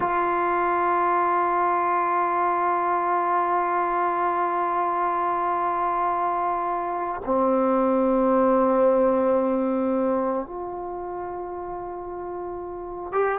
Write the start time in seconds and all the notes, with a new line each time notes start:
0.00 F4
7.25 C4
10.46 F4
13.12 G4